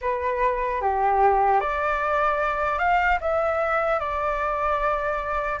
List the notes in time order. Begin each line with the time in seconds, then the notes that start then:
0.01 B4
0.81 G4
1.60 D5
2.78 F5
3.20 E5
3.99 D5